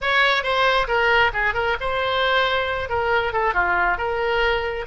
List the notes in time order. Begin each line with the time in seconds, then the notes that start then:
0.01 C#5
0.43 C5
0.87 A#4
1.33 G#4
1.54 A#4
1.80 C5
2.89 A#4
3.32 A4
3.53 F4
3.97 A#4